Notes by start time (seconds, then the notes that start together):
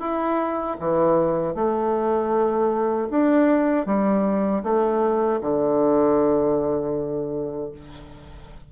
0.00 E4
0.80 E3
1.55 A3
3.10 D4
3.86 G3
4.63 A3
5.41 D3